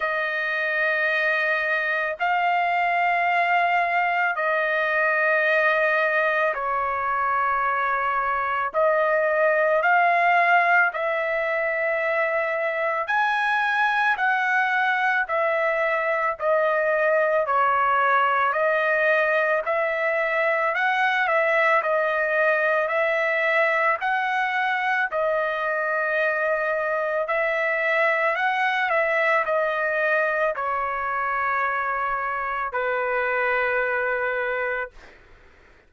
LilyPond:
\new Staff \with { instrumentName = "trumpet" } { \time 4/4 \tempo 4 = 55 dis''2 f''2 | dis''2 cis''2 | dis''4 f''4 e''2 | gis''4 fis''4 e''4 dis''4 |
cis''4 dis''4 e''4 fis''8 e''8 | dis''4 e''4 fis''4 dis''4~ | dis''4 e''4 fis''8 e''8 dis''4 | cis''2 b'2 | }